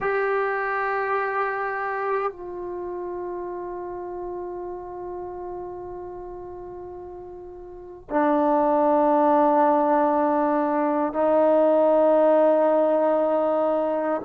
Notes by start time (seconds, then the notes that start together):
0.00 G4
2.31 F4
8.10 D4
11.13 D#4